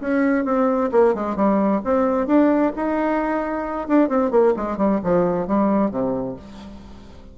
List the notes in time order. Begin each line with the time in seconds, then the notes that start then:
0.00 C#4
0.45 C4
0.91 A#3
1.14 G#3
1.36 G3
1.85 C4
2.26 D4
2.76 D#4
3.88 D4
4.08 C4
4.31 A#3
4.56 G#3
4.77 G3
5.03 F3
5.47 G3
5.90 C3